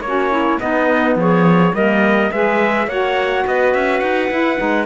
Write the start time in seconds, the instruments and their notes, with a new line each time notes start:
0.00 cello A#3, saxophone C#4, trumpet C#5
0.07 clarinet F#4
0.31 clarinet E4
0.58 saxophone B3, cello B3, clarinet D#4, trumpet D#5
1.15 cello F3, clarinet G#4, trumpet C#5
1.73 cello G3, saxophone A#3, clarinet A#4, trumpet D#5
2.32 cello G#3, saxophone G#4, clarinet B4, trumpet E5
2.87 cello A#3, saxophone F#4, clarinet C#5, trumpet F#5
3.46 cello B3, clarinet B4, trumpet D#5
3.74 cello C#4, trumpet E5
3.99 cello D#4, trumpet F#5
4.30 cello E4, saxophone E4
4.57 cello G#3, saxophone D#4